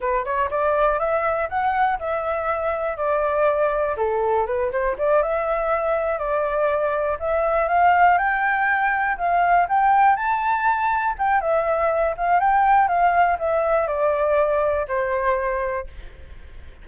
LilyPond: \new Staff \with { instrumentName = "flute" } { \time 4/4 \tempo 4 = 121 b'8 cis''8 d''4 e''4 fis''4 | e''2 d''2 | a'4 b'8 c''8 d''8 e''4.~ | e''8 d''2 e''4 f''8~ |
f''8 g''2 f''4 g''8~ | g''8 a''2 g''8 e''4~ | e''8 f''8 g''4 f''4 e''4 | d''2 c''2 | }